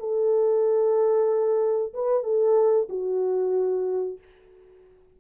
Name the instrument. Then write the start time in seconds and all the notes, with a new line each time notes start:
horn
0.00 A4
1.94 B4
2.24 A4
2.90 F#4